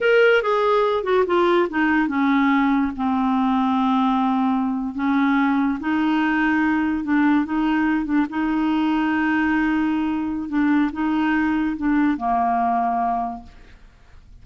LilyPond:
\new Staff \with { instrumentName = "clarinet" } { \time 4/4 \tempo 4 = 143 ais'4 gis'4. fis'8 f'4 | dis'4 cis'2 c'4~ | c'2.~ c'8. cis'16~ | cis'4.~ cis'16 dis'2~ dis'16~ |
dis'8. d'4 dis'4. d'8 dis'16~ | dis'1~ | dis'4 d'4 dis'2 | d'4 ais2. | }